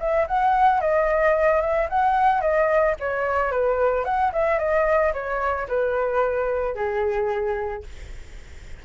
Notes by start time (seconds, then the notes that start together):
0.00 E5
0.28 F#5
0.81 D#5
1.62 E5
1.90 F#5
2.42 D#5
3.00 C#5
3.52 B4
4.05 F#5
4.33 E5
4.59 D#5
5.14 C#5
5.69 B4
6.75 G#4